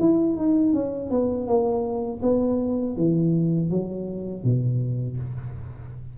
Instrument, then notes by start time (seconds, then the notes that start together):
tuba
0.00 E4
0.37 D#4
0.73 C#4
1.10 B3
1.47 A#3
2.23 B3
2.97 E3
3.71 F#3
4.44 B2